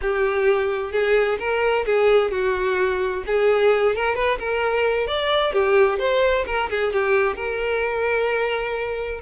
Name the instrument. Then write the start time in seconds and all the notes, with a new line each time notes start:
violin
0.01 G4
0.92 G#4
1.39 A#4
1.85 G#4
2.31 F#4
3.26 G#4
3.95 A#4
4.15 B4
4.38 A#4
5.07 D5
5.52 G4
5.99 C5
6.46 A#4
6.70 G#4
6.92 G4
7.36 A#4